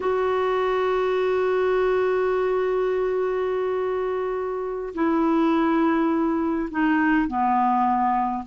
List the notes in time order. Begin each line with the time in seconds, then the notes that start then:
0.00 F#4
4.94 E4
6.70 D#4
7.27 B3